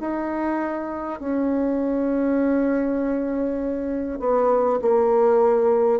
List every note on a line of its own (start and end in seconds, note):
0.00 1.20 D#4
1.20 4.19 C#4
4.19 4.79 B3
4.82 6.00 A#3